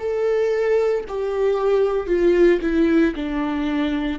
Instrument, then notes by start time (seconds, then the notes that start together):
viola
0.00 A4
1.09 G4
2.08 F4
2.62 E4
3.16 D4